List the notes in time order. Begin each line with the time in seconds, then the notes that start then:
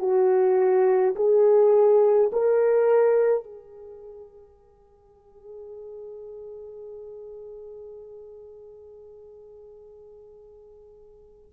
0.00 F#4
1.16 G#4
2.33 A#4
3.44 G#4